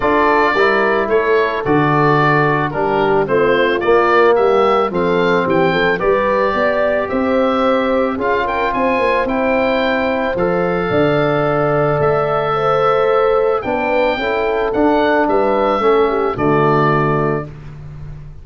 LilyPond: <<
  \new Staff \with { instrumentName = "oboe" } { \time 4/4 \tempo 4 = 110 d''2 cis''4 d''4~ | d''4 ais'4 c''4 d''4 | e''4 f''4 g''4 d''4~ | d''4 e''2 f''8 g''8 |
gis''4 g''2 f''4~ | f''2 e''2~ | e''4 g''2 fis''4 | e''2 d''2 | }
  \new Staff \with { instrumentName = "horn" } { \time 4/4 a'4 ais'4 a'2~ | a'4 g'4 f'2 | g'4 a'4 g'8 a'8 b'4 | d''4 c''2 gis'8 ais'8 |
c''1 | d''2. c''4~ | c''4 b'4 a'2 | b'4 a'8 g'8 fis'2 | }
  \new Staff \with { instrumentName = "trombone" } { \time 4/4 f'4 e'2 fis'4~ | fis'4 d'4 c'4 ais4~ | ais4 c'2 g'4~ | g'2. f'4~ |
f'4 e'2 a'4~ | a'1~ | a'4 d'4 e'4 d'4~ | d'4 cis'4 a2 | }
  \new Staff \with { instrumentName = "tuba" } { \time 4/4 d'4 g4 a4 d4~ | d4 g4 a4 ais4 | g4 f4 e8 f8 g4 | b4 c'2 cis'4 |
c'8 ais8 c'2 f4 | d2 a2~ | a4 b4 cis'4 d'4 | g4 a4 d2 | }
>>